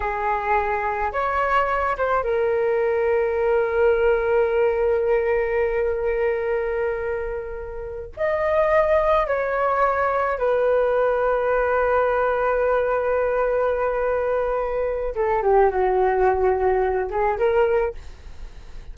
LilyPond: \new Staff \with { instrumentName = "flute" } { \time 4/4 \tempo 4 = 107 gis'2 cis''4. c''8 | ais'1~ | ais'1~ | ais'2~ ais'8 dis''4.~ |
dis''8 cis''2 b'4.~ | b'1~ | b'2. a'8 g'8 | fis'2~ fis'8 gis'8 ais'4 | }